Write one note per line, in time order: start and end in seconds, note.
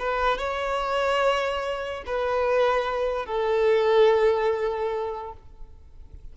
0.00 0.38 B4
0.38 2.04 C#5
2.07 3.26 B4
3.26 5.33 A4